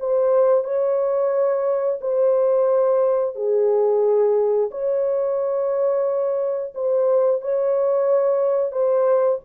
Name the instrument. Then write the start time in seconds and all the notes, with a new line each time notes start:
horn
0.00 C5
0.65 C#5
2.02 C5
3.36 G#4
4.72 C#5
6.75 C5
7.42 C#5
8.72 C5